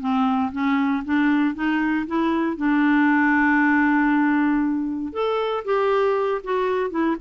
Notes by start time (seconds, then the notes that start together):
0.00 C4
0.52 C#4
1.05 D4
1.55 D#4
2.07 E4
2.57 D4
5.13 A4
5.65 G4
6.44 F#4
6.90 E4